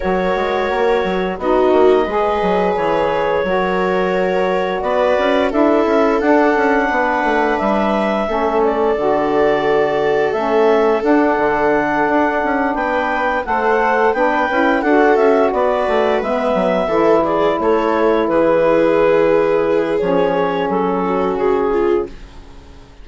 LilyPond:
<<
  \new Staff \with { instrumentName = "clarinet" } { \time 4/4 \tempo 4 = 87 cis''2 dis''2 | cis''2. d''4 | e''4 fis''2 e''4~ | e''8 d''2~ d''8 e''4 |
fis''2~ fis''8 g''4 fis''8~ | fis''8 g''4 fis''8 e''8 d''4 e''8~ | e''4 d''8 cis''4 b'4.~ | b'4 cis''4 a'4 gis'4 | }
  \new Staff \with { instrumentName = "viola" } { \time 4/4 ais'2 fis'4 b'4~ | b'4 ais'2 b'4 | a'2 b'2 | a'1~ |
a'2~ a'8 b'4 c''8~ | c''8 b'4 a'4 b'4.~ | b'8 a'8 gis'8 a'4 gis'4.~ | gis'2~ gis'8 fis'4 f'8 | }
  \new Staff \with { instrumentName = "saxophone" } { \time 4/4 fis'2 dis'4 gis'4~ | gis'4 fis'2. | e'4 d'2. | cis'4 fis'2 cis'4 |
d'2.~ d'8 a'8~ | a'8 d'8 e'8 fis'2 b8~ | b8 e'2.~ e'8~ | e'4 cis'2. | }
  \new Staff \with { instrumentName = "bassoon" } { \time 4/4 fis8 gis8 ais8 fis8 b8 ais8 gis8 fis8 | e4 fis2 b8 cis'8 | d'8 cis'8 d'8 cis'8 b8 a8 g4 | a4 d2 a4 |
d'8 d4 d'8 cis'8 b4 a8~ | a8 b8 cis'8 d'8 cis'8 b8 a8 gis8 | fis8 e4 a4 e4.~ | e4 f4 fis4 cis4 | }
>>